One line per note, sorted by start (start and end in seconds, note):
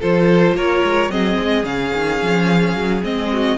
0.00 0.54 F3
0.00 1.10 F4
0.00 0.55 A4
0.00 0.57 C5
0.54 0.82 A#3
0.54 1.12 A#4
0.54 1.11 C#5
0.84 1.10 G#3
1.10 1.37 F#3
1.10 1.64 C4
1.10 3.32 G#4
1.10 1.65 D#5
1.40 1.65 G#3
1.64 1.92 C#3
1.64 3.02 C#4
1.64 3.03 F5
1.94 2.22 D#3
2.22 2.75 F3
2.75 3.02 F#3
3.03 3.58 G#3
3.03 3.58 C4
3.03 3.58 D#5
3.33 3.58 F#4